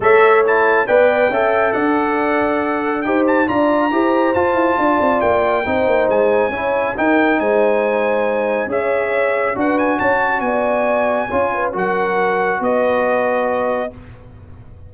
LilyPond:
<<
  \new Staff \with { instrumentName = "trumpet" } { \time 4/4 \tempo 4 = 138 e''4 a''4 g''2 | fis''2. g''8 a''8 | ais''2 a''2 | g''2 gis''2 |
g''4 gis''2. | e''2 fis''8 gis''8 a''4 | gis''2. fis''4~ | fis''4 dis''2. | }
  \new Staff \with { instrumentName = "horn" } { \time 4/4 cis''2 d''4 e''4 | d''2. c''4 | d''4 c''2 d''4~ | d''4 c''2 cis''4 |
ais'4 c''2. | cis''2 b'4 cis''4 | d''2 cis''8 b'8 ais'4~ | ais'4 b'2. | }
  \new Staff \with { instrumentName = "trombone" } { \time 4/4 a'4 e'4 b'4 a'4~ | a'2. g'4 | f'4 g'4 f'2~ | f'4 dis'2 e'4 |
dis'1 | gis'2 fis'2~ | fis'2 f'4 fis'4~ | fis'1 | }
  \new Staff \with { instrumentName = "tuba" } { \time 4/4 a2 b4 cis'4 | d'2. dis'4 | d'4 e'4 f'8 e'8 d'8 c'8 | ais4 c'8 ais8 gis4 cis'4 |
dis'4 gis2. | cis'2 d'4 cis'4 | b2 cis'4 fis4~ | fis4 b2. | }
>>